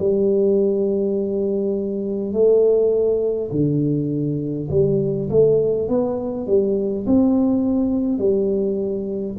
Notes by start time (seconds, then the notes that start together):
0.00 G3
2.33 A3
3.52 D3
4.71 G3
5.30 A3
5.89 B3
6.47 G3
7.07 C4
8.19 G3